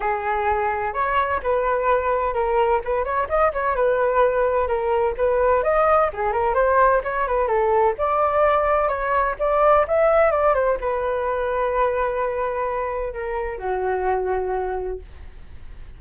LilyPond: \new Staff \with { instrumentName = "flute" } { \time 4/4 \tempo 4 = 128 gis'2 cis''4 b'4~ | b'4 ais'4 b'8 cis''8 dis''8 cis''8 | b'2 ais'4 b'4 | dis''4 gis'8 ais'8 c''4 cis''8 b'8 |
a'4 d''2 cis''4 | d''4 e''4 d''8 c''8 b'4~ | b'1 | ais'4 fis'2. | }